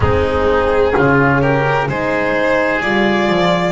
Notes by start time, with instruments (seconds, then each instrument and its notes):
0.00 double bass G#3, horn C4, oboe D#4, violin G#4
0.94 double bass C#3, horn C#4, oboe F4
1.41 oboe G4, violin A#4
1.88 double bass G#3, horn D#4, oboe G#4, violin C5
2.81 double bass G3, horn F4, violin D5
3.29 double bass F3